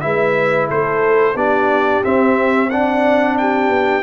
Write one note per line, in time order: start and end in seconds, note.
0.00 0.70 G#3
0.00 1.34 E4
0.00 0.68 B4
0.00 0.67 E5
0.68 1.35 A3
0.68 1.35 A4
0.68 1.36 C5
1.35 2.01 B3
1.35 2.03 D4
1.35 2.69 G4
1.35 2.03 D5
2.03 2.70 C4
2.03 3.69 C4
2.03 2.70 E5
2.70 4.02 D4
2.70 3.38 D5
2.70 3.36 F#5
3.37 4.02 G4
3.37 4.02 G5
3.69 4.02 B3